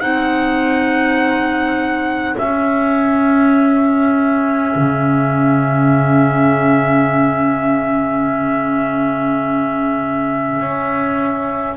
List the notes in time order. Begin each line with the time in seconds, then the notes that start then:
0.00 C4 D#4 G#4 F#5
2.37 C#4 E5
4.75 C#3
10.60 C#4